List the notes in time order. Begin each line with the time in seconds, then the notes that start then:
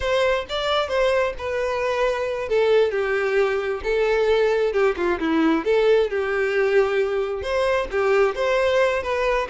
0.00 C5
0.49 D5
0.88 C5
1.38 B4
2.48 A4
2.91 G4
3.83 A4
4.72 G4
4.96 F4
5.19 E4
5.64 A4
6.10 G4
7.42 C5
7.91 G4
8.35 C5
9.02 B4